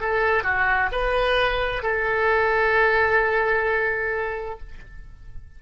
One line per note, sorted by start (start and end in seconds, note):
0.00 0.43 A4
0.43 0.89 F#4
0.92 1.83 B4
1.83 4.59 A4